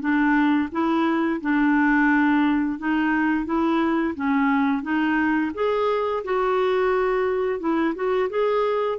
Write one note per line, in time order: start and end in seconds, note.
0.00 0.69 D4
0.71 1.40 E4
1.41 2.78 D4
2.78 3.45 D#4
3.45 4.14 E4
4.15 4.82 C#4
4.82 5.51 D#4
5.54 6.23 G#4
6.24 7.60 F#4
7.60 7.94 E4
7.95 8.29 F#4
8.29 8.98 G#4